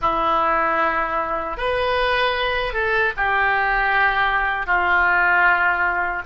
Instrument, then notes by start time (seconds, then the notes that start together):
oboe
0.01 E4
1.57 B4
2.73 A4
3.16 G4
4.66 F4